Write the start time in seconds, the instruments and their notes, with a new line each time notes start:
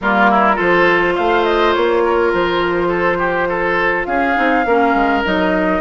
0.00 bassoon G3, clarinet A#3, oboe F4, flute A#4
0.30 oboe E4
0.54 bassoon F3, clarinet F4, oboe A4, flute C5
1.15 bassoon A3, oboe C5, flute F5
1.44 flute D#5
1.74 bassoon A#3, flute C#5
2.04 oboe A#4
2.33 bassoon F3, flute C5
2.88 oboe A4
3.18 oboe G4
3.48 oboe A4
4.05 bassoon C#4, oboe G#4, flute F5
4.35 bassoon C4, clarinet D#4
4.65 bassoon A#3, clarinet C#4, oboe A#4
4.94 bassoon G#3
5.24 bassoon F#3, clarinet D#4, flute D#5